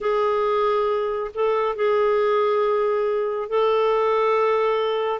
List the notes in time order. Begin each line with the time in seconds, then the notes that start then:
0.00 G#4
1.34 A4
1.75 G#4
3.49 A4